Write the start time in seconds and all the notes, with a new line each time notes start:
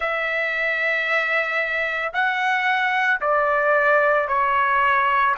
0.00 E5
2.13 F#5
3.20 D5
4.28 C#5